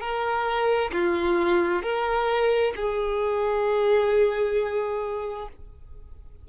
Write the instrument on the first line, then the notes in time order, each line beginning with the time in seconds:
violin
0.00 A#4
0.93 F4
1.83 A#4
2.76 G#4